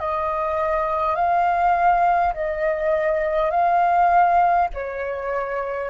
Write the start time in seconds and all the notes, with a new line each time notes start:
0.00 D#5
1.16 F5
2.34 D#5
3.51 F5
4.74 C#5